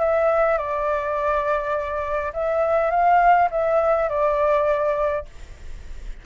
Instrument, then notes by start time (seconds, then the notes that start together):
flute
0.00 E5
0.58 D5
2.34 E5
2.91 F5
3.51 E5
4.09 D5